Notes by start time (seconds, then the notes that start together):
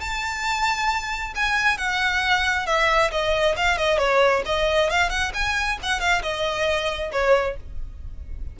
0.00 A5
1.35 G#5
1.77 F#5
2.66 E5
3.11 D#5
3.56 F5
3.77 D#5
3.98 C#5
4.45 D#5
4.90 F5
5.09 F#5
5.34 G#5
5.82 F#5
6.00 F5
6.22 D#5
7.12 C#5